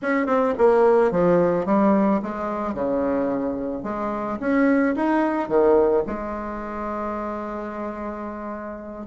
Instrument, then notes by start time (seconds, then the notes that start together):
bassoon
0.02 C#4
0.26 C4
0.58 A#3
1.11 F3
1.65 G3
2.22 G#3
2.74 C#3
3.83 G#3
4.40 C#4
4.95 D#4
5.48 D#3
6.07 G#3